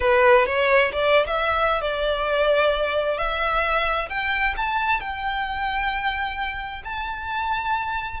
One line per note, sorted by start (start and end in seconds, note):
0.00 0.46 B4
0.46 0.91 C#5
0.92 1.26 D5
1.26 1.81 E5
1.81 3.17 D5
3.17 4.08 E5
4.09 4.54 G5
4.57 5.00 A5
5.00 6.82 G5
6.84 8.20 A5